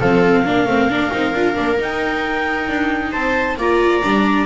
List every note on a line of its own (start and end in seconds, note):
0.00 0.47 F3
0.00 0.45 C4
0.00 0.42 A4
0.00 1.80 F5
0.42 0.66 A#3
0.42 0.67 D4
0.42 3.11 A#4
0.66 0.88 A3
0.66 0.90 C4
0.88 1.11 A#3
0.88 1.12 D4
1.12 1.34 C4
1.12 1.34 D#4
1.34 1.57 D4
1.34 1.55 F4
1.55 1.80 A#3
1.55 1.77 D4
1.78 3.57 D#4
1.78 2.69 D#4
1.78 3.12 G5
2.69 3.13 D4
3.12 3.57 C4
3.12 3.57 C5
3.12 3.57 A5
3.57 4.02 A#3
3.57 4.03 F4
3.57 4.47 D5
3.57 4.47 A#5
4.03 4.47 G3
4.03 4.47 D4